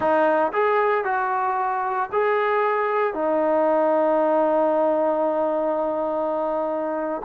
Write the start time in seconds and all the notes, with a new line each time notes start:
0.00 D#4
0.52 G#4
1.04 F#4
2.12 G#4
3.14 D#4